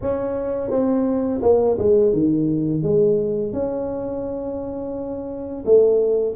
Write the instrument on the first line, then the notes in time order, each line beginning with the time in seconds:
tuba
0.01 C#4
0.70 C4
1.42 A#3
1.78 G#3
2.12 D#3
2.82 G#3
3.52 C#4
5.65 A3